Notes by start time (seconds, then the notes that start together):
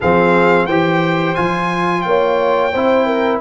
0.00 F3 C4 G#4 F5
0.66 E3 G4 C5 G5
1.35 F3 F4 G#5
2.01 A#3 C#5 G5
2.72 C4 E4 C5
3.06 A#4